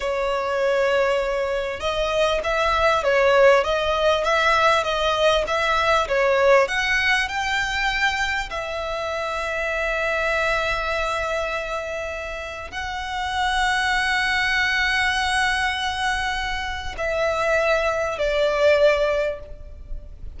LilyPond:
\new Staff \with { instrumentName = "violin" } { \time 4/4 \tempo 4 = 99 cis''2. dis''4 | e''4 cis''4 dis''4 e''4 | dis''4 e''4 cis''4 fis''4 | g''2 e''2~ |
e''1~ | e''4 fis''2.~ | fis''1 | e''2 d''2 | }